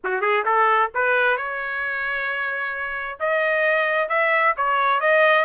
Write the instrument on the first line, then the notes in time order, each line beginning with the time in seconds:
trumpet
0.04 F#4
0.21 G#4
0.45 A4
0.94 B4
1.37 C#5
3.19 D#5
4.08 E5
4.57 C#5
5.00 D#5